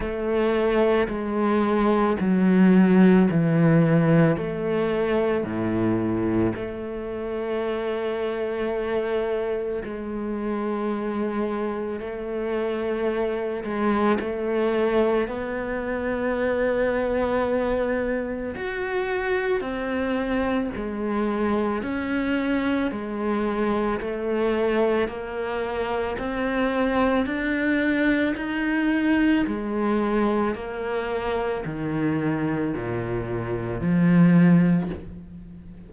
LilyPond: \new Staff \with { instrumentName = "cello" } { \time 4/4 \tempo 4 = 55 a4 gis4 fis4 e4 | a4 a,4 a2~ | a4 gis2 a4~ | a8 gis8 a4 b2~ |
b4 fis'4 c'4 gis4 | cis'4 gis4 a4 ais4 | c'4 d'4 dis'4 gis4 | ais4 dis4 ais,4 f4 | }